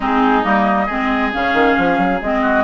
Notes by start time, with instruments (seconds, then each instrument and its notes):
0.00 bassoon G#3, clarinet C4, oboe D#4, flute G#4
0.43 bassoon G3, clarinet A#3, flute D#5
0.86 bassoon G#3, clarinet C4, oboe G#4
1.32 bassoon C#3, clarinet C#4, flute F5
1.53 bassoon D#3
1.77 bassoon F3
1.98 bassoon F#3
2.22 bassoon G#3, clarinet C4, flute D#5
2.42 oboe F#4